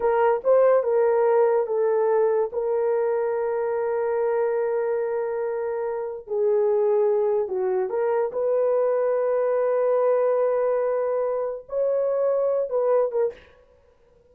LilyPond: \new Staff \with { instrumentName = "horn" } { \time 4/4 \tempo 4 = 144 ais'4 c''4 ais'2 | a'2 ais'2~ | ais'1~ | ais'2. gis'4~ |
gis'2 fis'4 ais'4 | b'1~ | b'1 | cis''2~ cis''8 b'4 ais'8 | }